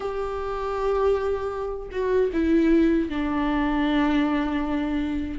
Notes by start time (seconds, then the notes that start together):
0.00 G4
1.91 F#4
2.33 E4
3.09 D4